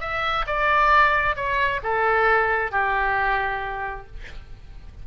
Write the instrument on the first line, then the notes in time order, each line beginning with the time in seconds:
oboe
0.00 E5
0.46 D5
1.35 C#5
1.83 A4
2.71 G4